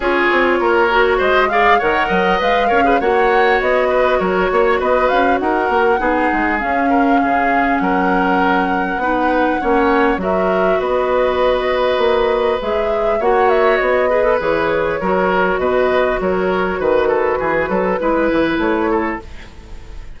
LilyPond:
<<
  \new Staff \with { instrumentName = "flute" } { \time 4/4 \tempo 4 = 100 cis''2 dis''8 f''8 fis''4 | f''4 fis''4 dis''4 cis''4 | dis''8 f''8 fis''2 f''4~ | f''4 fis''2.~ |
fis''4 e''4 dis''2~ | dis''4 e''4 fis''8 e''8 dis''4 | cis''2 dis''4 cis''4 | b'2. cis''4 | }
  \new Staff \with { instrumentName = "oboe" } { \time 4/4 gis'4 ais'4 c''8 d''8 cis''8 dis''8~ | dis''8 cis''16 b'16 cis''4. b'8 ais'8 cis''8 | b'4 ais'4 gis'4. ais'8 | gis'4 ais'2 b'4 |
cis''4 ais'4 b'2~ | b'2 cis''4. b'8~ | b'4 ais'4 b'4 ais'4 | b'8 a'8 gis'8 a'8 b'4. a'8 | }
  \new Staff \with { instrumentName = "clarinet" } { \time 4/4 f'4. fis'4 gis'8 ais'4 | b'8 ais'16 gis'16 fis'2.~ | fis'2 dis'4 cis'4~ | cis'2. dis'4 |
cis'4 fis'2.~ | fis'4 gis'4 fis'4. gis'16 a'16 | gis'4 fis'2.~ | fis'2 e'2 | }
  \new Staff \with { instrumentName = "bassoon" } { \time 4/4 cis'8 c'8 ais4 gis4 dis8 fis8 | gis8 cis'8 ais4 b4 fis8 ais8 | b8 cis'8 dis'8 ais8 b8 gis8 cis'4 | cis4 fis2 b4 |
ais4 fis4 b2 | ais4 gis4 ais4 b4 | e4 fis4 b,4 fis4 | dis4 e8 fis8 gis8 e8 a4 | }
>>